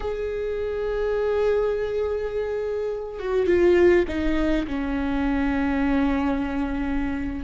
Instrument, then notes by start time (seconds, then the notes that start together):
viola
0.00 G#4
3.19 F#4
3.47 F4
4.08 D#4
4.67 C#4